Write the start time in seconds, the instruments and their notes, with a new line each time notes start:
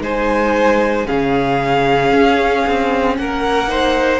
0.00 cello G#3, viola D#4, violin C5 G#5
1.06 cello C#3, viola C#4, violin G#4 F5
2.12 cello C#4
2.66 cello C4
3.16 cello A#3, violin A#4 F#5
3.68 viola D#4, violin C5